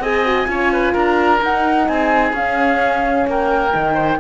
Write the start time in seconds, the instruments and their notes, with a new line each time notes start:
0.00 cello C4, horn G#4, oboe D#5, flute G#5
0.26 horn F#4
0.46 cello C#4, horn F4, oboe C#5
0.73 oboe B4
0.93 cello D4, oboe A#4, flute A#5
1.42 cello D#4, horn D#4, flute F#5
1.88 cello C4, oboe G#4, flute G#5
2.33 cello C#4, horn C#4, flute F5
3.27 cello A#3, oboe A#4, flute G5
3.72 cello D#3, horn D#4
3.94 oboe C5